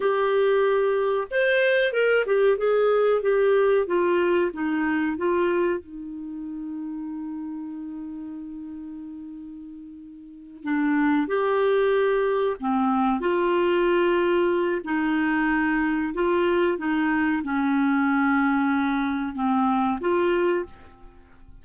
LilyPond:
\new Staff \with { instrumentName = "clarinet" } { \time 4/4 \tempo 4 = 93 g'2 c''4 ais'8 g'8 | gis'4 g'4 f'4 dis'4 | f'4 dis'2.~ | dis'1~ |
dis'8 d'4 g'2 c'8~ | c'8 f'2~ f'8 dis'4~ | dis'4 f'4 dis'4 cis'4~ | cis'2 c'4 f'4 | }